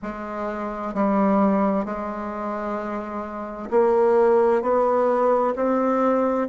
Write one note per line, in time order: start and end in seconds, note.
0.02 0.94 G#3
0.94 1.85 G3
1.85 3.69 G#3
3.70 4.62 A#3
4.62 5.54 B3
5.56 6.48 C4